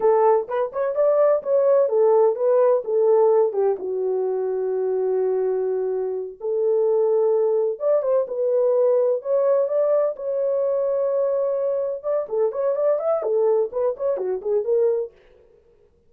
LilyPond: \new Staff \with { instrumentName = "horn" } { \time 4/4 \tempo 4 = 127 a'4 b'8 cis''8 d''4 cis''4 | a'4 b'4 a'4. g'8 | fis'1~ | fis'4. a'2~ a'8~ |
a'8 d''8 c''8 b'2 cis''8~ | cis''8 d''4 cis''2~ cis''8~ | cis''4. d''8 a'8 cis''8 d''8 e''8 | a'4 b'8 cis''8 fis'8 gis'8 ais'4 | }